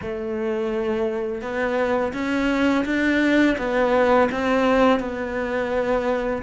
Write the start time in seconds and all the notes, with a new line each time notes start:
0.01 A3
1.41 B3
2.13 C#4
2.85 D4
3.57 B3
4.31 C4
4.99 B3